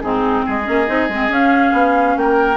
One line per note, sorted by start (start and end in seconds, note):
0.00 0.45 G#2
0.00 0.64 C4
0.00 0.46 D#4
0.00 0.43 G#4
0.46 0.68 G#3
0.46 2.17 G#4
0.46 1.33 D#5
0.64 0.88 A#3
0.64 0.85 C#4
0.87 1.09 C4
0.87 1.08 D#4
1.09 1.29 G#3
1.09 1.29 C4
1.29 1.72 C#4
1.29 2.57 C#4
1.29 2.18 F5
1.73 2.16 B3
2.17 2.57 A#3
2.17 2.57 A#4
2.17 2.57 G5